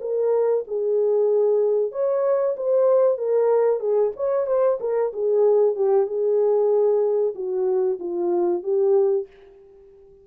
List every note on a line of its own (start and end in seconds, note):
0.00 0.64 A#4
0.67 1.91 G#4
1.91 2.55 C#5
2.56 3.18 C5
3.18 3.79 A#4
3.79 4.11 G#4
4.16 4.46 C#5
4.46 4.78 C5
4.80 5.12 A#4
5.13 5.75 G#4
5.75 6.06 G4
6.06 7.34 G#4
7.34 7.98 F#4
7.99 8.63 F4
8.63 9.27 G4